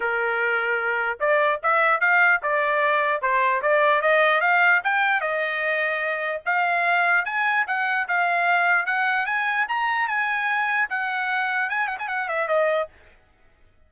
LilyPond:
\new Staff \with { instrumentName = "trumpet" } { \time 4/4 \tempo 4 = 149 ais'2. d''4 | e''4 f''4 d''2 | c''4 d''4 dis''4 f''4 | g''4 dis''2. |
f''2 gis''4 fis''4 | f''2 fis''4 gis''4 | ais''4 gis''2 fis''4~ | fis''4 gis''8 fis''16 gis''16 fis''8 e''8 dis''4 | }